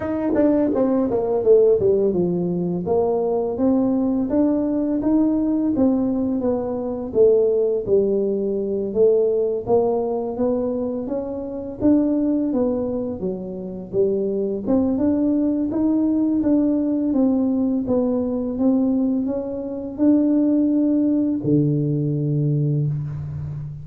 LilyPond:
\new Staff \with { instrumentName = "tuba" } { \time 4/4 \tempo 4 = 84 dis'8 d'8 c'8 ais8 a8 g8 f4 | ais4 c'4 d'4 dis'4 | c'4 b4 a4 g4~ | g8 a4 ais4 b4 cis'8~ |
cis'8 d'4 b4 fis4 g8~ | g8 c'8 d'4 dis'4 d'4 | c'4 b4 c'4 cis'4 | d'2 d2 | }